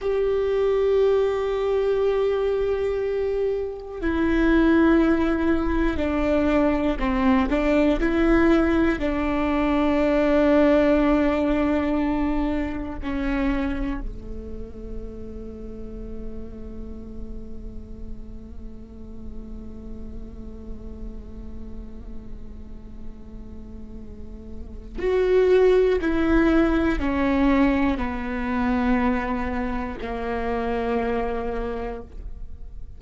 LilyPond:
\new Staff \with { instrumentName = "viola" } { \time 4/4 \tempo 4 = 60 g'1 | e'2 d'4 c'8 d'8 | e'4 d'2.~ | d'4 cis'4 a2~ |
a1~ | a1~ | a4 fis'4 e'4 cis'4 | b2 ais2 | }